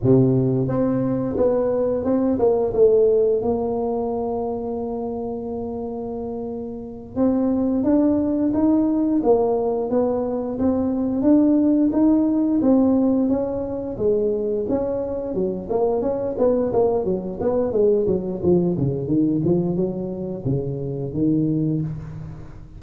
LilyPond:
\new Staff \with { instrumentName = "tuba" } { \time 4/4 \tempo 4 = 88 c4 c'4 b4 c'8 ais8 | a4 ais2.~ | ais2~ ais8 c'4 d'8~ | d'8 dis'4 ais4 b4 c'8~ |
c'8 d'4 dis'4 c'4 cis'8~ | cis'8 gis4 cis'4 fis8 ais8 cis'8 | b8 ais8 fis8 b8 gis8 fis8 f8 cis8 | dis8 f8 fis4 cis4 dis4 | }